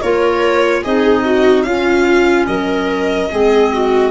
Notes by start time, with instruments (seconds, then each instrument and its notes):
0.00 tuba A#3, clarinet F4, viola A#4, violin C#5
0.83 tuba C4, clarinet D#4, viola G#4, violin D#5
1.24 viola F#4
1.63 tuba C#4, clarinet C#4, viola F4, violin F5
2.47 tuba F#3, viola A#4, violin D#5
3.31 tuba G#3, clarinet C4, viola G#4
3.73 viola F#4